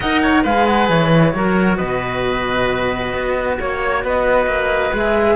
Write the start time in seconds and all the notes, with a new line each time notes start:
0.00 D#4 A#4 D#5 F#5
0.22 C#5
0.43 G#3 G#4 B4 F5
0.66 F#5
0.89 E3 C#5
1.34 F#3 F#4 A#4
1.76 B2 B4 D#5
3.13 B3
3.59 A#3 C#5
4.03 B3 B4 D#5
4.46 A#3
4.93 G#3 G#4 E5